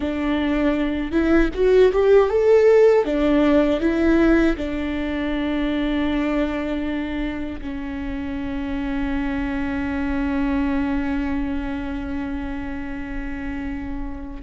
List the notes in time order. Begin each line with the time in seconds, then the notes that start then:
0.00 D4
1.12 E4
1.54 F#4
1.92 G4
2.29 A4
3.04 D4
3.80 E4
4.56 D4
7.61 C#4